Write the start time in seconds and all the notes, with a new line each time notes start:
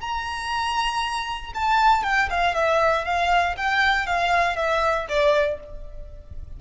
0.00 A#5
1.54 A5
2.03 G5
2.30 F5
2.54 E5
3.04 F5
3.56 G5
4.06 F5
4.56 E5
5.08 D5